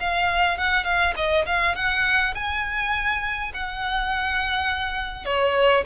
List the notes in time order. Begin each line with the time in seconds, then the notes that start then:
0.00 F5
0.58 F#5
0.84 F5
1.16 D#5
1.46 F5
1.75 F#5
2.35 G#5
3.54 F#5
5.25 C#5